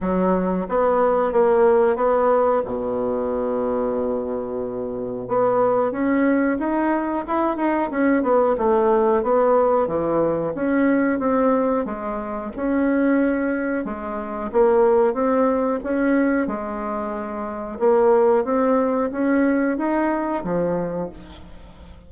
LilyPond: \new Staff \with { instrumentName = "bassoon" } { \time 4/4 \tempo 4 = 91 fis4 b4 ais4 b4 | b,1 | b4 cis'4 dis'4 e'8 dis'8 | cis'8 b8 a4 b4 e4 |
cis'4 c'4 gis4 cis'4~ | cis'4 gis4 ais4 c'4 | cis'4 gis2 ais4 | c'4 cis'4 dis'4 f4 | }